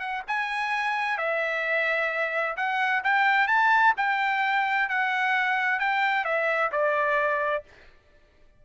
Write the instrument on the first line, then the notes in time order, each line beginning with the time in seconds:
trumpet
0.00 F#5
0.27 G#5
1.18 E5
2.57 F#5
3.04 G5
3.48 A5
3.97 G5
4.89 F#5
5.80 G5
6.25 E5
6.72 D5